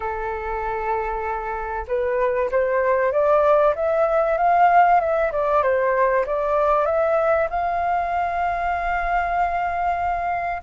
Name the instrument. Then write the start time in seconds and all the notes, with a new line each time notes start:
flute
0.00 A4
1.87 B4
2.51 C5
3.11 D5
3.75 E5
4.38 F5
5.00 E5
5.32 D5
5.62 C5
6.26 D5
6.85 E5
7.50 F5